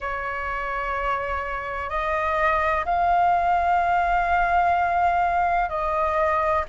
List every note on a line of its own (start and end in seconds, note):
0.00 1.89 C#5
1.89 2.84 D#5
2.85 5.69 F5
5.69 6.64 D#5